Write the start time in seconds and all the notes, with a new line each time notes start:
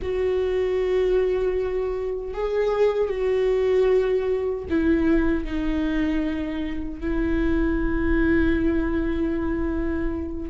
0.02 F#4
2.33 G#4
3.09 F#4
4.69 E4
5.44 D#4
7.00 E4